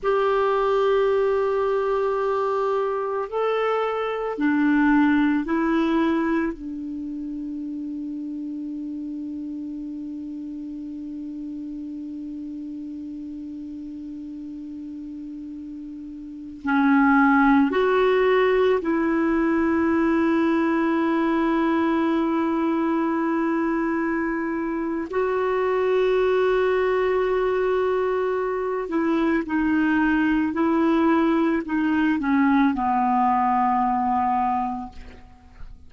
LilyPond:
\new Staff \with { instrumentName = "clarinet" } { \time 4/4 \tempo 4 = 55 g'2. a'4 | d'4 e'4 d'2~ | d'1~ | d'2.~ d'16 cis'8.~ |
cis'16 fis'4 e'2~ e'8.~ | e'2. fis'4~ | fis'2~ fis'8 e'8 dis'4 | e'4 dis'8 cis'8 b2 | }